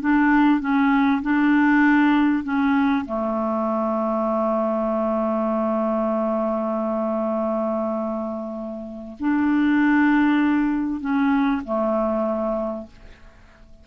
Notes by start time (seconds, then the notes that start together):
0.00 D4
0.60 C#4
1.22 D4
2.43 C#4
3.05 A3
9.19 D4
11.00 C#4
11.64 A3